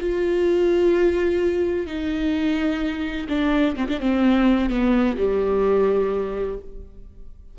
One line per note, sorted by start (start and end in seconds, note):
0.00 1.87 F4
1.87 3.27 D#4
3.29 3.76 D4
3.76 3.88 C4
3.88 4.00 D4
4.00 4.70 C4
4.70 5.17 B3
5.18 6.59 G3